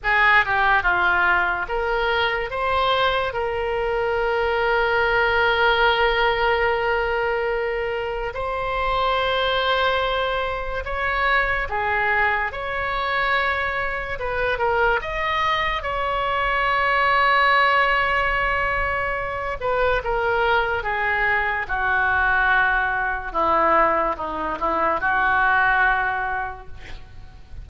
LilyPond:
\new Staff \with { instrumentName = "oboe" } { \time 4/4 \tempo 4 = 72 gis'8 g'8 f'4 ais'4 c''4 | ais'1~ | ais'2 c''2~ | c''4 cis''4 gis'4 cis''4~ |
cis''4 b'8 ais'8 dis''4 cis''4~ | cis''2.~ cis''8 b'8 | ais'4 gis'4 fis'2 | e'4 dis'8 e'8 fis'2 | }